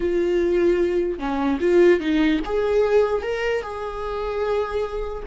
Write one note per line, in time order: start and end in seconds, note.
0.00 1.18 F4
1.18 1.59 C#4
1.60 2.00 F4
2.00 2.40 D#4
2.45 3.22 G#4
3.22 3.62 A#4
3.62 5.23 G#4